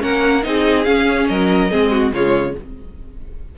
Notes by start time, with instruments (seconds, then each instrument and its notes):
0.00 cello A#3, viola C#4, violin A#4 F#5
0.43 cello C4, viola D#4, violin G#4 D#5
0.85 viola C#4, cello C#4, violin F5
1.28 cello F#3, violin A#4 D#5
1.71 cello G#3, viola C4, violin G#4
1.92 violin F#4
2.13 cello C#3, viola G#3, violin F4 C#5